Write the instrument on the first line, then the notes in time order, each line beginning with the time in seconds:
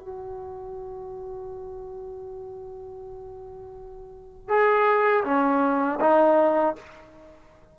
trombone
0.00 F#4
4.49 G#4
5.25 C#4
6.01 D#4